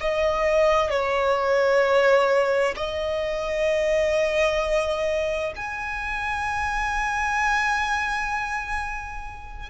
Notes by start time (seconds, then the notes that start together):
0.00 D#5
0.90 C#5
2.76 D#5
5.56 G#5